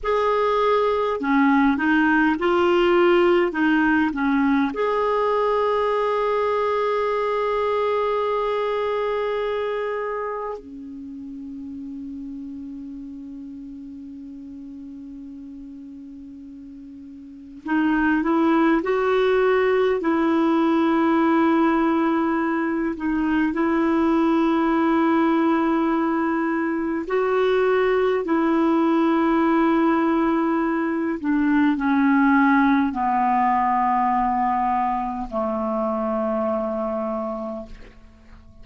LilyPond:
\new Staff \with { instrumentName = "clarinet" } { \time 4/4 \tempo 4 = 51 gis'4 cis'8 dis'8 f'4 dis'8 cis'8 | gis'1~ | gis'4 cis'2.~ | cis'2. dis'8 e'8 |
fis'4 e'2~ e'8 dis'8 | e'2. fis'4 | e'2~ e'8 d'8 cis'4 | b2 a2 | }